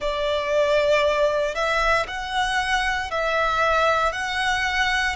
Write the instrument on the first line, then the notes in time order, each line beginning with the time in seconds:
violin
0.00 D5
1.54 E5
2.07 F#5
3.10 E5
4.12 F#5